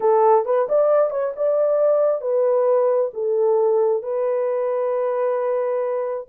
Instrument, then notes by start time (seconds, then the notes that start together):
horn
0.00 A4
0.45 B4
0.68 D5
1.10 C#5
1.36 D5
2.21 B4
3.13 A4
4.02 B4